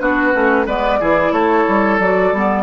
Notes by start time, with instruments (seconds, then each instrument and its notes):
0.00 bassoon B3, clarinet D4, oboe F#4, flute B4
0.33 bassoon A3, clarinet C#4
0.67 bassoon G#3, clarinet B3, oboe B4, flute D5
1.00 bassoon E3, clarinet E4, oboe G#4
1.33 bassoon A3, oboe A4, flute C#5
1.68 bassoon G3
2.00 bassoon F#3, clarinet F#4, flute D5
2.32 bassoon G3, clarinet B3